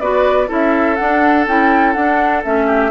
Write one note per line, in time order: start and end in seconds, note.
0.00 0.49 B3
0.00 0.47 F#4
0.00 0.48 B4
0.00 0.49 D5
0.47 0.98 C#4
0.47 0.96 E4
0.47 2.66 A4
0.53 0.96 E5
0.96 1.47 D4
0.96 1.45 F#5
1.47 1.96 C#4
1.47 1.96 E4
1.47 1.93 G5
1.93 2.44 D4
1.93 2.43 D4
1.93 2.42 F#5
2.43 2.91 A3
2.43 2.91 C#4
2.43 2.91 E5
2.66 2.91 G4